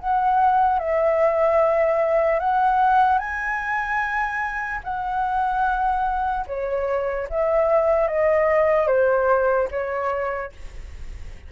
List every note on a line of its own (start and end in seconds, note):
0.00 0.79 F#5
0.79 2.40 E5
2.40 3.19 F#5
3.19 4.81 G#5
4.84 6.46 F#5
6.47 7.28 C#5
7.30 8.08 E5
8.08 8.88 D#5
8.88 9.69 C5
9.71 10.52 C#5